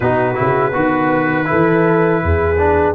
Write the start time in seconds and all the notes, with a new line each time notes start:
0.00 B2 D#4 F#4 B4
0.34 C#3 E4
0.71 D#3 B3 F#4
1.45 E4 A4
1.51 E3
2.23 E2 G#4
2.58 D4